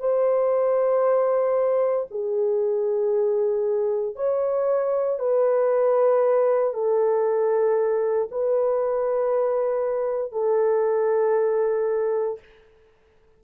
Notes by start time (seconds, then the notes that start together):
0.00 C5
2.12 G#4
4.16 C#5
5.20 B4
6.74 A4
8.32 B4
10.33 A4